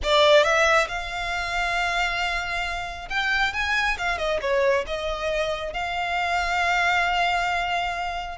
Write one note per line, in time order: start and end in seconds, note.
0.03 0.43 D5
0.43 0.87 E5
0.87 3.08 F5
3.09 3.53 G5
3.53 3.97 G#5
3.98 4.18 F5
4.18 4.40 D#5
4.41 4.85 C#5
4.86 5.73 D#5
5.73 8.38 F5